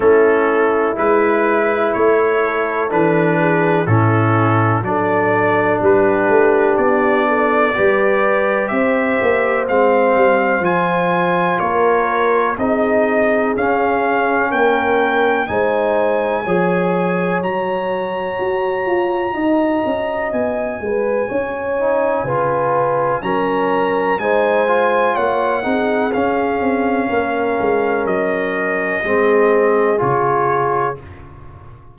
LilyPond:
<<
  \new Staff \with { instrumentName = "trumpet" } { \time 4/4 \tempo 4 = 62 a'4 b'4 cis''4 b'4 | a'4 d''4 b'4 d''4~ | d''4 e''4 f''4 gis''4 | cis''4 dis''4 f''4 g''4 |
gis''2 ais''2~ | ais''4 gis''2. | ais''4 gis''4 fis''4 f''4~ | f''4 dis''2 cis''4 | }
  \new Staff \with { instrumentName = "horn" } { \time 4/4 e'2~ e'8 a'4 gis'8 | e'4 a'4 g'4. a'8 | b'4 c''2. | ais'4 gis'2 ais'4 |
c''4 cis''2. | dis''4. b'8 cis''4 b'4 | ais'4 c''4 cis''8 gis'4. | ais'2 gis'2 | }
  \new Staff \with { instrumentName = "trombone" } { \time 4/4 cis'4 e'2 d'4 | cis'4 d'2. | g'2 c'4 f'4~ | f'4 dis'4 cis'2 |
dis'4 gis'4 fis'2~ | fis'2~ fis'8 dis'8 f'4 | cis'4 dis'8 f'4 dis'8 cis'4~ | cis'2 c'4 f'4 | }
  \new Staff \with { instrumentName = "tuba" } { \time 4/4 a4 gis4 a4 e4 | a,4 fis4 g8 a8 b4 | g4 c'8 ais8 gis8 g8 f4 | ais4 c'4 cis'4 ais4 |
gis4 f4 fis4 fis'8 f'8 | dis'8 cis'8 b8 gis8 cis'4 cis4 | fis4 gis4 ais8 c'8 cis'8 c'8 | ais8 gis8 fis4 gis4 cis4 | }
>>